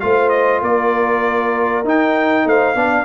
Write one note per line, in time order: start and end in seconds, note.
0.00 0.62 A3
0.00 1.84 F4
0.00 0.62 C5
0.00 0.29 F5
0.29 0.60 D#5
0.62 1.84 A#3
0.62 2.45 A#4
0.62 1.86 D5
1.84 2.45 D#4
1.84 2.76 D#4
1.84 2.48 G5
2.45 2.74 A3
2.45 2.75 C5
2.45 3.05 F5
2.74 3.05 B3
2.74 3.05 D4
2.74 3.05 D5